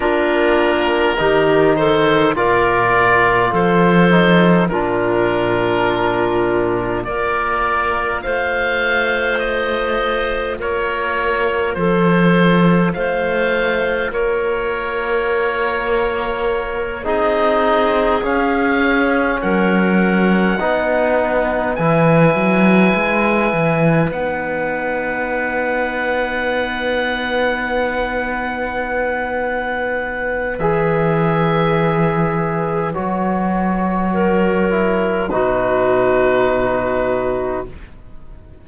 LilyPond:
<<
  \new Staff \with { instrumentName = "oboe" } { \time 4/4 \tempo 4 = 51 ais'4. c''8 d''4 c''4 | ais'2 d''4 f''4 | dis''4 cis''4 c''4 f''4 | cis''2~ cis''8 dis''4 f''8~ |
f''8 fis''2 gis''4.~ | gis''8 fis''2.~ fis''8~ | fis''2 e''2 | cis''2 b'2 | }
  \new Staff \with { instrumentName = "clarinet" } { \time 4/4 f'4 g'8 a'8 ais'4 a'4 | f'2 ais'4 c''4~ | c''4 ais'4 a'4 c''4 | ais'2~ ais'8 gis'4.~ |
gis'8 ais'4 b'2~ b'8~ | b'1~ | b'1~ | b'4 ais'4 fis'2 | }
  \new Staff \with { instrumentName = "trombone" } { \time 4/4 d'4 dis'4 f'4. dis'8 | d'2 f'2~ | f'1~ | f'2~ f'8 dis'4 cis'8~ |
cis'4. dis'4 e'4.~ | e'8 dis'2.~ dis'8~ | dis'2 gis'2 | fis'4. e'8 dis'2 | }
  \new Staff \with { instrumentName = "cello" } { \time 4/4 ais4 dis4 ais,4 f4 | ais,2 ais4 a4~ | a4 ais4 f4 a4 | ais2~ ais8 c'4 cis'8~ |
cis'8 fis4 b4 e8 fis8 gis8 | e8 b2.~ b8~ | b2 e2 | fis2 b,2 | }
>>